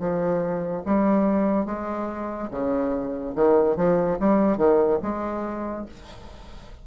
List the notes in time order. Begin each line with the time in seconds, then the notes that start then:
0.00 F3
0.86 G3
1.66 G#3
2.52 C#3
3.36 D#3
3.77 F3
4.20 G3
4.58 D#3
5.03 G#3